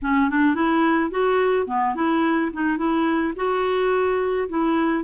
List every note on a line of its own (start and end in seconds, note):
0.02 0.30 C#4
0.30 0.55 D4
0.55 1.10 E4
1.10 1.66 F#4
1.67 1.95 B3
1.95 2.51 E4
2.52 2.77 D#4
2.77 3.33 E4
3.36 4.48 F#4
4.49 5.04 E4